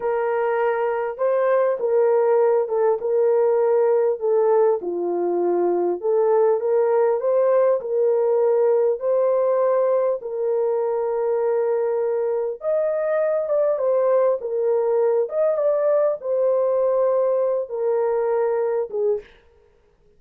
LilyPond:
\new Staff \with { instrumentName = "horn" } { \time 4/4 \tempo 4 = 100 ais'2 c''4 ais'4~ | ais'8 a'8 ais'2 a'4 | f'2 a'4 ais'4 | c''4 ais'2 c''4~ |
c''4 ais'2.~ | ais'4 dis''4. d''8 c''4 | ais'4. dis''8 d''4 c''4~ | c''4. ais'2 gis'8 | }